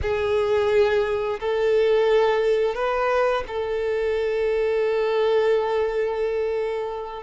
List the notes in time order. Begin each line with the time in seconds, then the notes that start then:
0.02 G#4
1.39 A4
2.74 B4
3.47 A4